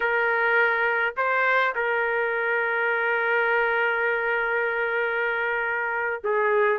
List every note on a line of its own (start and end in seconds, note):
0.00 1.14 A#4
1.16 1.74 C5
1.75 6.22 A#4
6.23 6.78 G#4